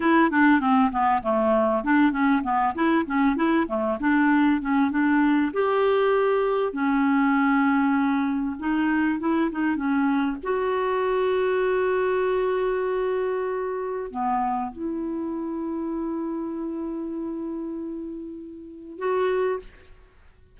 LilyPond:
\new Staff \with { instrumentName = "clarinet" } { \time 4/4 \tempo 4 = 98 e'8 d'8 c'8 b8 a4 d'8 cis'8 | b8 e'8 cis'8 e'8 a8 d'4 cis'8 | d'4 g'2 cis'4~ | cis'2 dis'4 e'8 dis'8 |
cis'4 fis'2.~ | fis'2. b4 | e'1~ | e'2. fis'4 | }